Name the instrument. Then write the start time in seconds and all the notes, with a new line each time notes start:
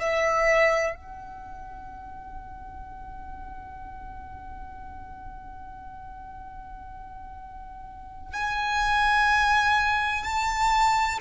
violin
0.00 E5
0.96 F#5
8.33 G#5
10.24 A5